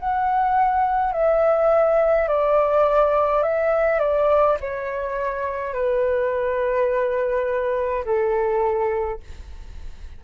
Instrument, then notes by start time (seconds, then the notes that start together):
flute
0.00 F#5
1.13 E5
2.28 D5
3.43 E5
4.00 D5
4.60 C#5
5.74 B4
8.05 A4